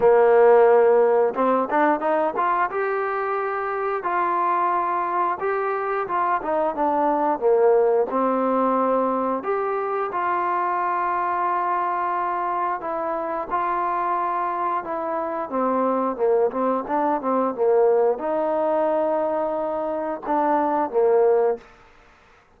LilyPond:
\new Staff \with { instrumentName = "trombone" } { \time 4/4 \tempo 4 = 89 ais2 c'8 d'8 dis'8 f'8 | g'2 f'2 | g'4 f'8 dis'8 d'4 ais4 | c'2 g'4 f'4~ |
f'2. e'4 | f'2 e'4 c'4 | ais8 c'8 d'8 c'8 ais4 dis'4~ | dis'2 d'4 ais4 | }